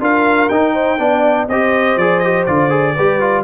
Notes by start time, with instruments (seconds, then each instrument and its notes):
0.00 tuba D4, trombone F4, horn A#4, trumpet F5
0.49 tuba D#4, trombone D#4, trumpet G5
0.73 horn C5
0.98 tuba B3, trombone D4, horn D5
1.48 tuba C4, trombone G4, horn C5, trumpet D#5
1.96 tuba F3, trombone G#4, trumpet D5
2.19 trombone G4, trumpet D#5
2.46 tuba D3, trombone F4, trumpet D5
2.69 trombone G#4
2.95 tuba G3, trombone G4, horn B4
3.20 trombone F4